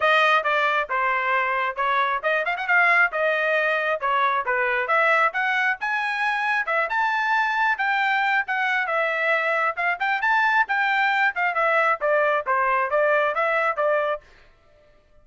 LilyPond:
\new Staff \with { instrumentName = "trumpet" } { \time 4/4 \tempo 4 = 135 dis''4 d''4 c''2 | cis''4 dis''8 f''16 fis''16 f''4 dis''4~ | dis''4 cis''4 b'4 e''4 | fis''4 gis''2 e''8 a''8~ |
a''4. g''4. fis''4 | e''2 f''8 g''8 a''4 | g''4. f''8 e''4 d''4 | c''4 d''4 e''4 d''4 | }